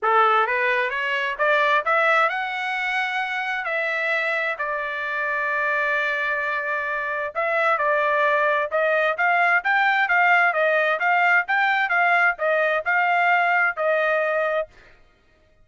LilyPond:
\new Staff \with { instrumentName = "trumpet" } { \time 4/4 \tempo 4 = 131 a'4 b'4 cis''4 d''4 | e''4 fis''2. | e''2 d''2~ | d''1 |
e''4 d''2 dis''4 | f''4 g''4 f''4 dis''4 | f''4 g''4 f''4 dis''4 | f''2 dis''2 | }